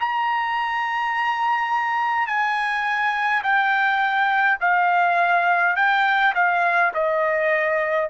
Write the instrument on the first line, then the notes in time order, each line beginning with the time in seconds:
trumpet
0.00 A#5
2.27 G#5
3.43 G5
4.60 F5
5.75 G5
6.35 F5
6.94 D#5